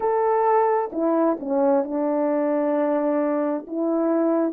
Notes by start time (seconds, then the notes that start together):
0.00 A4
0.92 E4
1.39 C#4
1.84 D4
3.67 E4